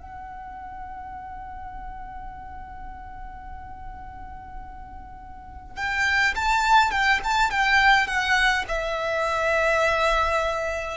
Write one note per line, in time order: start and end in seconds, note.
0.00 5.77 F#5
5.77 6.35 G5
6.36 6.91 A5
6.91 7.20 G5
7.24 7.51 A5
7.51 8.07 G5
8.07 8.65 F#5
8.69 10.98 E5